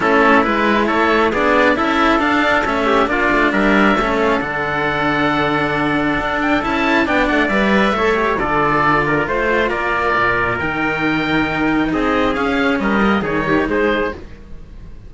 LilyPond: <<
  \new Staff \with { instrumentName = "oboe" } { \time 4/4 \tempo 4 = 136 a'4 b'4 cis''4 d''4 | e''4 f''4 e''4 d''4 | e''4. f''8 fis''2~ | fis''2~ fis''8 g''8 a''4 |
g''8 fis''8 e''2 d''4~ | d''4 c''4 d''2 | g''2. dis''4 | f''4 dis''4 cis''4 c''4 | }
  \new Staff \with { instrumentName = "trumpet" } { \time 4/4 e'2 a'4 gis'4 | a'2~ a'8 g'8 f'4 | ais'4 a'2.~ | a'1 |
d''2 cis''4 a'4~ | a'8 ais'8 c''4 ais'2~ | ais'2. gis'4~ | gis'4 ais'4 gis'8 g'8 gis'4 | }
  \new Staff \with { instrumentName = "cello" } { \time 4/4 cis'4 e'2 d'4 | e'4 d'4 cis'4 d'4~ | d'4 cis'4 d'2~ | d'2. e'4 |
d'4 b'4 a'8 g'8 f'4~ | f'1 | dis'1 | cis'4. ais8 dis'2 | }
  \new Staff \with { instrumentName = "cello" } { \time 4/4 a4 gis4 a4 b4 | cis'4 d'4 a4 ais8 a8 | g4 a4 d2~ | d2 d'4 cis'4 |
b8 a8 g4 a4 d4~ | d4 a4 ais4 ais,4 | dis2. c'4 | cis'4 g4 dis4 gis4 | }
>>